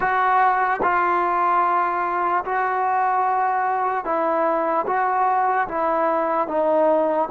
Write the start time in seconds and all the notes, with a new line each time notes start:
0.00 F#4
0.82 F4
2.44 F#4
4.04 E4
4.86 F#4
5.68 E4
6.47 D#4